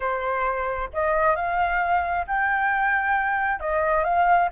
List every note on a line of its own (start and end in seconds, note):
0.00 0.89 C5
0.93 1.35 D#5
1.35 2.26 F5
2.27 3.59 G5
3.59 4.04 D#5
4.04 4.49 F5